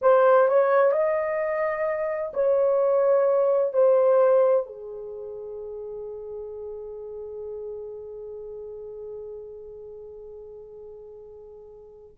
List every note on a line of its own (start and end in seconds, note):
0.01 0.48 C5
0.48 0.92 C#5
0.92 2.32 D#5
2.34 3.73 C#5
3.73 4.66 C5
4.66 12.16 G#4